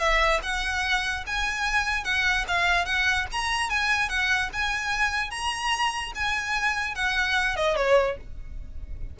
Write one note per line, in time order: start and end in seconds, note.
0.00 0.41 E5
0.43 1.25 F#5
1.27 2.04 G#5
2.04 2.45 F#5
2.48 2.86 F5
2.86 3.27 F#5
3.32 3.71 A#5
3.71 4.09 G#5
4.09 4.50 F#5
4.54 5.31 G#5
5.31 6.13 A#5
6.16 6.95 G#5
6.95 7.57 F#5
7.57 7.77 D#5
7.77 8.17 C#5